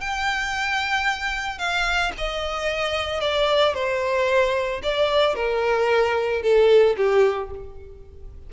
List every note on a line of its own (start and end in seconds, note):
0.00 1.58 G5
1.58 2.12 F5
2.17 3.20 D#5
3.20 3.74 D5
3.74 4.81 C5
4.82 5.35 D5
5.35 6.42 A#4
6.42 6.96 A4
6.97 7.50 G4